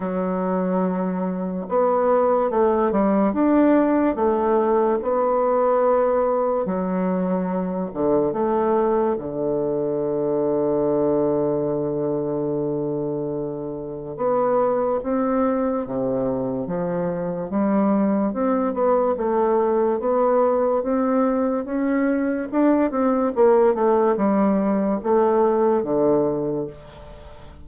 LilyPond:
\new Staff \with { instrumentName = "bassoon" } { \time 4/4 \tempo 4 = 72 fis2 b4 a8 g8 | d'4 a4 b2 | fis4. d8 a4 d4~ | d1~ |
d4 b4 c'4 c4 | f4 g4 c'8 b8 a4 | b4 c'4 cis'4 d'8 c'8 | ais8 a8 g4 a4 d4 | }